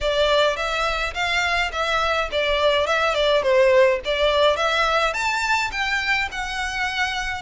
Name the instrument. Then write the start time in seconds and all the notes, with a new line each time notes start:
violin
0.01 D5
0.56 E5
1.14 F5
1.71 E5
2.31 D5
2.86 E5
3.14 D5
3.42 C5
4.04 D5
4.56 E5
5.13 A5
5.71 G5
6.31 F#5